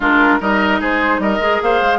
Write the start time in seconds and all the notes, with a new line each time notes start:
0.00 G#3 D4 F4 A#4
0.40 G3 D#4 A#4 D#5
0.80 G#3 G#4 C5
1.18 G3 A#4 D#5
1.39 G#3 G#4
1.61 A#3 C5 F5
1.80 G#3